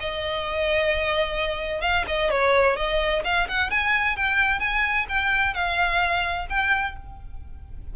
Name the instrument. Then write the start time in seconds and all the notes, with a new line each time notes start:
violin
0.00 D#5
1.82 F5
2.07 D#5
2.30 C#5
2.77 D#5
3.25 F5
3.48 F#5
3.71 G#5
4.17 G5
4.60 G#5
5.09 G5
5.54 F5
6.50 G5